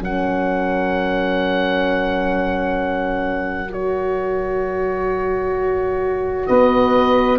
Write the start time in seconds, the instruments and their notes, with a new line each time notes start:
0.00 tuba F#3, horn C#4, saxophone A#4, oboe F#5
3.70 horn F#4, oboe C#5
6.47 tuba B3, saxophone B4, oboe D#5